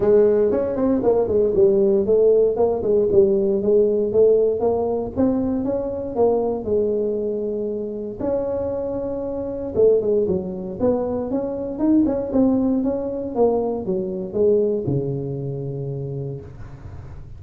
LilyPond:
\new Staff \with { instrumentName = "tuba" } { \time 4/4 \tempo 4 = 117 gis4 cis'8 c'8 ais8 gis8 g4 | a4 ais8 gis8 g4 gis4 | a4 ais4 c'4 cis'4 | ais4 gis2. |
cis'2. a8 gis8 | fis4 b4 cis'4 dis'8 cis'8 | c'4 cis'4 ais4 fis4 | gis4 cis2. | }